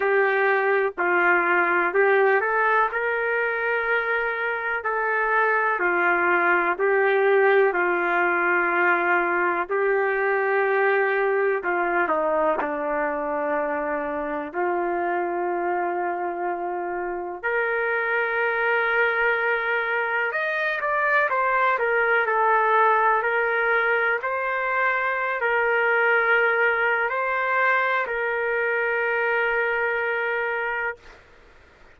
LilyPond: \new Staff \with { instrumentName = "trumpet" } { \time 4/4 \tempo 4 = 62 g'4 f'4 g'8 a'8 ais'4~ | ais'4 a'4 f'4 g'4 | f'2 g'2 | f'8 dis'8 d'2 f'4~ |
f'2 ais'2~ | ais'4 dis''8 d''8 c''8 ais'8 a'4 | ais'4 c''4~ c''16 ais'4.~ ais'16 | c''4 ais'2. | }